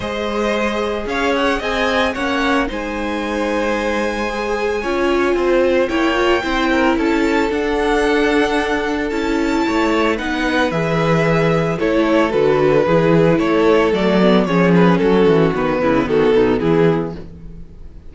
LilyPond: <<
  \new Staff \with { instrumentName = "violin" } { \time 4/4 \tempo 4 = 112 dis''2 f''8 fis''8 gis''4 | fis''4 gis''2.~ | gis''2. g''4~ | g''4 a''4 fis''2~ |
fis''4 a''2 fis''4 | e''2 cis''4 b'4~ | b'4 cis''4 d''4 cis''8 b'8 | a'4 b'4 a'4 gis'4 | }
  \new Staff \with { instrumentName = "violin" } { \time 4/4 c''2 cis''4 dis''4 | cis''4 c''2.~ | c''4 cis''4 c''4 cis''4 | c''8 ais'8 a'2.~ |
a'2 cis''4 b'4~ | b'2 a'2 | gis'4 a'2 gis'4 | fis'4. e'8 fis'8 dis'8 e'4 | }
  \new Staff \with { instrumentName = "viola" } { \time 4/4 gis'1 | cis'4 dis'2. | gis'4 f'2 e'8 f'8 | e'2 d'2~ |
d'4 e'2 dis'4 | gis'2 e'4 fis'4 | e'2 a8 b8 cis'4~ | cis'4 b2. | }
  \new Staff \with { instrumentName = "cello" } { \time 4/4 gis2 cis'4 c'4 | ais4 gis2.~ | gis4 cis'4 c'4 ais4 | c'4 cis'4 d'2~ |
d'4 cis'4 a4 b4 | e2 a4 d4 | e4 a4 fis4 f4 | fis8 e8 dis8 cis8 dis8 b,8 e4 | }
>>